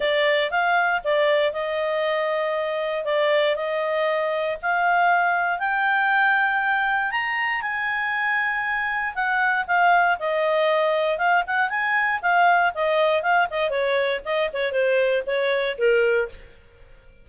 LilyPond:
\new Staff \with { instrumentName = "clarinet" } { \time 4/4 \tempo 4 = 118 d''4 f''4 d''4 dis''4~ | dis''2 d''4 dis''4~ | dis''4 f''2 g''4~ | g''2 ais''4 gis''4~ |
gis''2 fis''4 f''4 | dis''2 f''8 fis''8 gis''4 | f''4 dis''4 f''8 dis''8 cis''4 | dis''8 cis''8 c''4 cis''4 ais'4 | }